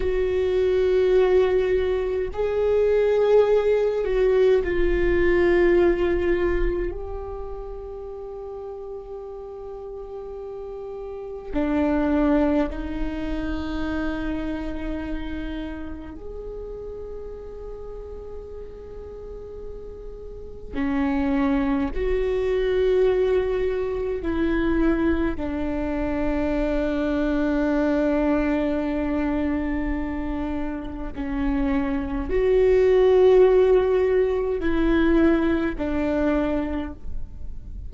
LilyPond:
\new Staff \with { instrumentName = "viola" } { \time 4/4 \tempo 4 = 52 fis'2 gis'4. fis'8 | f'2 g'2~ | g'2 d'4 dis'4~ | dis'2 gis'2~ |
gis'2 cis'4 fis'4~ | fis'4 e'4 d'2~ | d'2. cis'4 | fis'2 e'4 d'4 | }